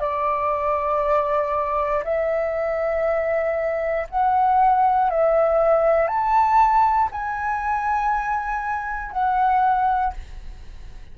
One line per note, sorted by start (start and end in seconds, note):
0.00 2.03 D5
2.04 4.07 E5
4.10 5.10 F#5
5.10 6.07 E5
6.07 7.09 A5
7.11 9.12 G#5
9.12 10.13 F#5